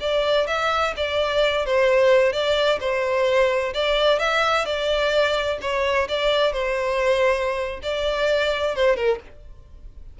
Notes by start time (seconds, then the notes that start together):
0.00 D5
0.47 E5
0.96 D5
1.65 C5
2.32 D5
2.80 C5
3.73 D5
4.19 E5
4.65 D5
5.61 C#5
6.08 D5
6.52 C5
7.82 D5
8.75 C5
8.96 A#4